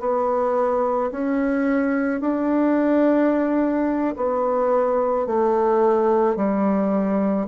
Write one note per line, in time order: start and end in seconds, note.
0.00 1.11 B3
1.12 2.21 C#4
2.21 4.15 D4
4.17 5.27 B3
5.27 6.36 A3
6.36 7.47 G3